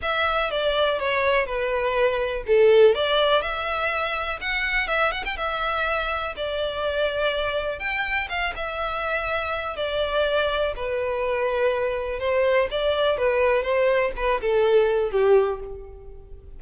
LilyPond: \new Staff \with { instrumentName = "violin" } { \time 4/4 \tempo 4 = 123 e''4 d''4 cis''4 b'4~ | b'4 a'4 d''4 e''4~ | e''4 fis''4 e''8 fis''16 g''16 e''4~ | e''4 d''2. |
g''4 f''8 e''2~ e''8 | d''2 b'2~ | b'4 c''4 d''4 b'4 | c''4 b'8 a'4. g'4 | }